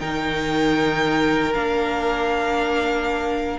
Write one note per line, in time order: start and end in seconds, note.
0.00 1.55 D#3
0.00 1.54 D#4
0.00 3.59 A#4
0.00 1.54 G5
1.54 3.59 A#3
1.54 3.59 D4
1.54 3.59 F5